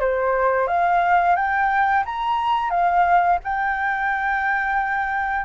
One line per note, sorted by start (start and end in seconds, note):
0.00 0.68 C5
0.68 1.36 F5
1.36 2.04 G5
2.05 2.70 A#5
2.70 3.38 F5
3.44 5.45 G5